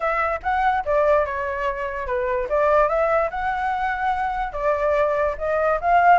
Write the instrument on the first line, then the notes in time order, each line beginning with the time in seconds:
flute
0.00 E5
0.42 F#5
0.85 D5
1.25 C#5
2.06 B4
2.49 D5
2.88 E5
3.30 F#5
4.52 D5
5.38 D#5
5.80 F5